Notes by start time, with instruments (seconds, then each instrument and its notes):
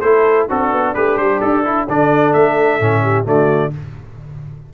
0.00 tuba A3, trombone E4, horn A4, trumpet C5
0.47 tuba C4, horn D4, trombone F#4, trumpet A4
0.71 tuba B3
0.94 tuba A3, trombone G4, trumpet B4
1.17 tuba G3, trumpet C5
1.40 tuba D4, trumpet A4
1.64 trombone E4
1.88 tuba D3, trombone D4, horn A4, trumpet D5
2.33 tuba A3, trumpet E5
2.80 tuba A2, trombone C#4
3.02 horn G4
3.24 tuba D3, trombone A3, horn F#4, trumpet D5